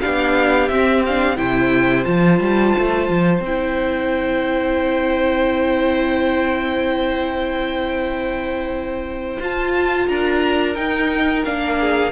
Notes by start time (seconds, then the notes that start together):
0.00 B3 D4 G4 F5
0.68 C4 E5
1.05 D4 F5
1.36 C3 E4 C5 G5
2.04 F3 F4 A5
2.39 G3
2.78 A3
3.08 F3
3.40 C4 G5
3.46 E4
9.40 F4 A5
10.08 D4 A#4 A#5
10.75 D#4 G5
11.44 A#3 D4 F5
11.79 G#4